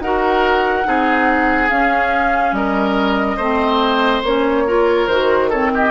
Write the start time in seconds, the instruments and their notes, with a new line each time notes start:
0.00 bassoon D#4, clarinet F#4, oboe A#4, flute F#5
0.84 bassoon C4, clarinet D#4, oboe G#4
1.69 bassoon C#4, clarinet C#4, flute F5
2.52 bassoon G3, oboe A#4, flute D#5
3.37 bassoon A3, clarinet C4, oboe C5
4.24 bassoon A#3, clarinet C#4, flute C#5
4.67 clarinet F4, oboe A#4
5.08 bassoon D#3, clarinet F#4, flute C5
5.50 clarinet C4, oboe A4, flute C#5
5.74 oboe G4, flute D#5